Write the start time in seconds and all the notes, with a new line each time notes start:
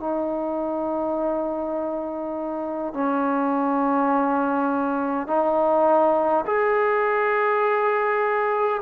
0.00 D#4
2.94 C#4
5.27 D#4
6.46 G#4